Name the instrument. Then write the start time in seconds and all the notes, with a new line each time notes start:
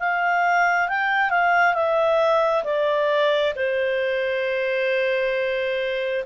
clarinet
0.00 F5
0.89 G5
1.30 F5
1.74 E5
2.65 D5
3.56 C5